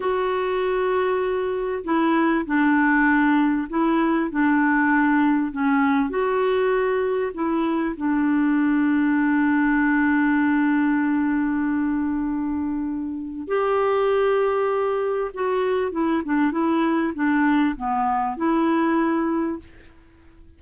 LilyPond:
\new Staff \with { instrumentName = "clarinet" } { \time 4/4 \tempo 4 = 98 fis'2. e'4 | d'2 e'4 d'4~ | d'4 cis'4 fis'2 | e'4 d'2.~ |
d'1~ | d'2 g'2~ | g'4 fis'4 e'8 d'8 e'4 | d'4 b4 e'2 | }